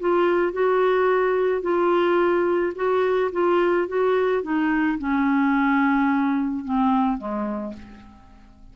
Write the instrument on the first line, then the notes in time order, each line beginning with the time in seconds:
clarinet
0.00 F4
0.53 F#4
1.62 F4
2.76 F#4
3.32 F4
3.88 F#4
4.43 D#4
4.98 C#4
6.65 C4
7.18 G#3